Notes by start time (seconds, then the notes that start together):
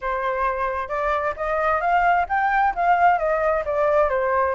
0.01 C5
0.88 D5
1.36 D#5
1.80 F5
2.28 G5
2.75 F5
3.18 D#5
3.65 D5
4.09 C5